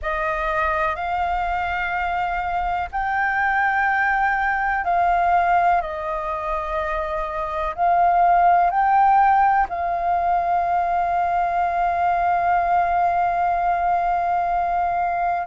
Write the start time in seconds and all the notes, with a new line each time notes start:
0.02 D#5
0.95 F5
2.91 G5
4.84 F5
5.81 D#5
7.75 F5
8.70 G5
9.69 F5